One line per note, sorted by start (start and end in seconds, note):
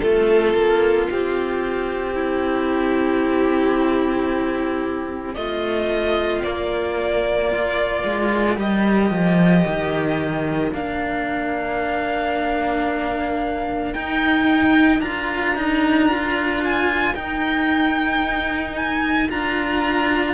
0.00 0.54 A3
0.00 6.45 C4
0.00 2.14 F4
0.00 1.07 A4
0.54 1.07 A#3
1.10 5.35 C4
1.10 5.34 G4
2.14 5.35 E4
5.34 6.42 A3
5.34 7.51 F4
5.34 6.42 D#5
6.42 8.03 A#3
6.42 7.51 A#3
6.42 8.57 D5
7.51 8.55 F4
7.51 20.33 A#4
8.04 8.57 G#3
8.55 9.10 G3
8.55 10.69 G4
8.55 10.73 D#5
9.10 9.64 F3
9.66 10.73 D#3
10.73 13.94 A#3
10.73 13.94 D4
10.73 13.93 F5
13.93 15.01 D#4
13.93 14.98 D#4
13.93 15.00 G5
14.98 17.13 D4
14.98 15.55 F4
14.98 16.61 A#5
15.55 16.09 D#4
16.09 17.14 F4
16.64 17.15 G#5
17.14 19.28 D#4
17.14 19.30 D#4
17.14 18.76 G5
18.76 19.29 G#5
19.29 20.33 D4
19.29 20.33 F4
19.29 20.33 A#5